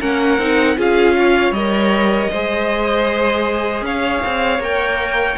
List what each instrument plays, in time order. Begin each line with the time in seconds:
0.00 cello A#3, viola C#4, violin A#4 F#5
0.38 cello C4, viola D#4
0.77 cello C#4, viola F4, violin G#4 F5
1.19 violin C#5
1.52 cello G3, viola A#4, violin D#5
2.31 cello G#3, viola G#4, violin C5
3.82 cello C#4, violin C#5 F5
4.26 cello C4
4.60 cello A#3, viola A#4, violin G5